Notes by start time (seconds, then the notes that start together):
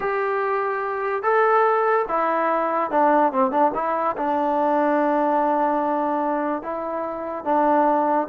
0.00 G4
1.22 A4
2.08 E4
2.90 D4
3.32 C4
3.51 D4
3.74 E4
4.16 D4
6.62 E4
7.44 D4